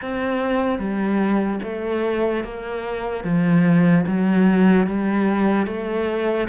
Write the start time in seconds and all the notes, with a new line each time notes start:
0.01 C4
0.78 G3
1.63 A3
2.44 A#3
3.24 F3
4.06 F#3
4.86 G3
5.66 A3